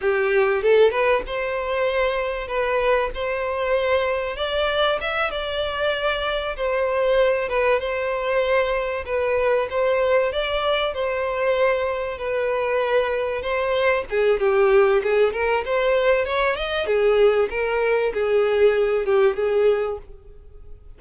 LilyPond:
\new Staff \with { instrumentName = "violin" } { \time 4/4 \tempo 4 = 96 g'4 a'8 b'8 c''2 | b'4 c''2 d''4 | e''8 d''2 c''4. | b'8 c''2 b'4 c''8~ |
c''8 d''4 c''2 b'8~ | b'4. c''4 gis'8 g'4 | gis'8 ais'8 c''4 cis''8 dis''8 gis'4 | ais'4 gis'4. g'8 gis'4 | }